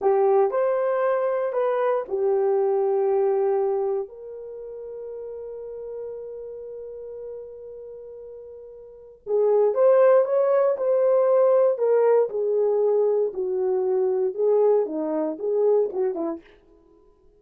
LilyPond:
\new Staff \with { instrumentName = "horn" } { \time 4/4 \tempo 4 = 117 g'4 c''2 b'4 | g'1 | ais'1~ | ais'1~ |
ais'2 gis'4 c''4 | cis''4 c''2 ais'4 | gis'2 fis'2 | gis'4 dis'4 gis'4 fis'8 e'8 | }